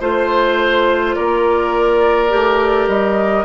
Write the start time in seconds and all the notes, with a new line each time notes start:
0.00 A3 F4 C5
1.15 A#3 A#4 D5
2.29 A3 G4
2.87 G3 D#5